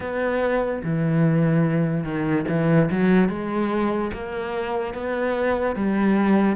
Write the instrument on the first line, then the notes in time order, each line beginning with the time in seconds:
cello
0.00 B3
0.83 E3
2.04 D#3
2.48 E3
2.90 F#3
3.29 G#3
4.13 A#3
4.94 B3
5.75 G3